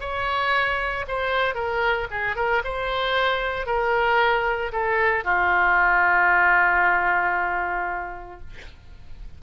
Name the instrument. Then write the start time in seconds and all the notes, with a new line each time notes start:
oboe
0.00 C#5
1.07 C5
1.55 A#4
2.11 G#4
2.35 A#4
2.64 C5
3.66 A#4
4.72 A4
5.24 F4